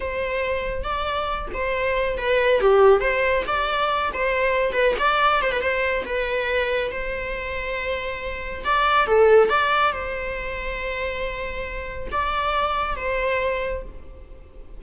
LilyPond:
\new Staff \with { instrumentName = "viola" } { \time 4/4 \tempo 4 = 139 c''2 d''4. c''8~ | c''4 b'4 g'4 c''4 | d''4. c''4. b'8 d''8~ | d''8 c''16 b'16 c''4 b'2 |
c''1 | d''4 a'4 d''4 c''4~ | c''1 | d''2 c''2 | }